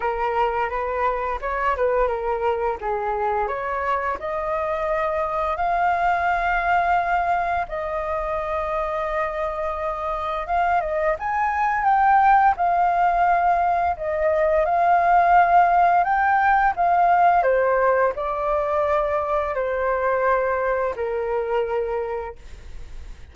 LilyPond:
\new Staff \with { instrumentName = "flute" } { \time 4/4 \tempo 4 = 86 ais'4 b'4 cis''8 b'8 ais'4 | gis'4 cis''4 dis''2 | f''2. dis''4~ | dis''2. f''8 dis''8 |
gis''4 g''4 f''2 | dis''4 f''2 g''4 | f''4 c''4 d''2 | c''2 ais'2 | }